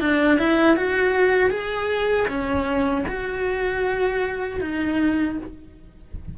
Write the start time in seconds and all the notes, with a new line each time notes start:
0.00 D4
0.38 E4
0.77 F#4
1.50 G#4
2.28 C#4
3.07 F#4
4.60 D#4